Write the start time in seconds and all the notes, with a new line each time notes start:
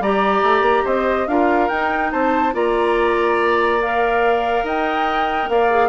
0.00 G3 G4 D5 A#5
0.43 A3
0.61 A#3
0.84 C4 C5 D#5
1.27 D4 F4 A#4 F5
1.69 D#4 G5
2.12 C4 C5 A5
2.53 A#3 F4 D5 A#5
3.82 A#4 F5
4.64 D#4 D#5 G5
5.49 A#3 D5 F5
5.70 G#4